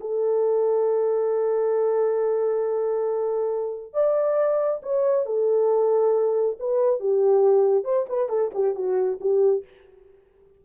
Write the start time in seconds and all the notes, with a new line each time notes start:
0.00 A4
3.93 D5
4.82 C#5
5.26 A4
6.59 B4
7.00 G4
7.84 C5
8.09 B4
8.29 A4
8.54 G4
8.75 F#4
9.20 G4